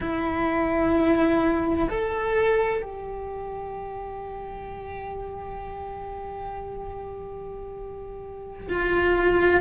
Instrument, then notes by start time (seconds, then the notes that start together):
cello
0.00 E4
1.89 A4
2.81 G4
8.68 F4